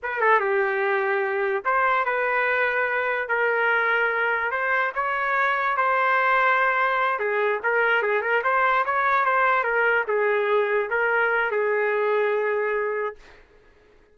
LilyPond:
\new Staff \with { instrumentName = "trumpet" } { \time 4/4 \tempo 4 = 146 b'8 a'8 g'2. | c''4 b'2. | ais'2. c''4 | cis''2 c''2~ |
c''4. gis'4 ais'4 gis'8 | ais'8 c''4 cis''4 c''4 ais'8~ | ais'8 gis'2 ais'4. | gis'1 | }